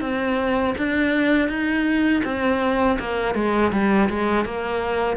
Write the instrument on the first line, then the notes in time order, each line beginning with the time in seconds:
cello
0.00 C4
0.78 D4
1.48 D#4
2.24 C4
2.99 A#3
3.34 G#3
3.72 G3
4.09 G#3
4.45 A#3